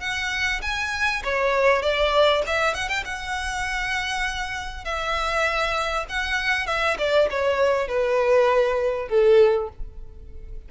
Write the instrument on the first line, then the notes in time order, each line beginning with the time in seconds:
violin
0.00 F#5
0.62 G#5
1.23 C#5
1.82 D5
2.46 E5
2.74 F#5
2.88 G5
3.04 F#5
4.84 E5
6.09 F#5
6.66 E5
6.98 D5
7.30 C#5
7.87 B4
9.08 A4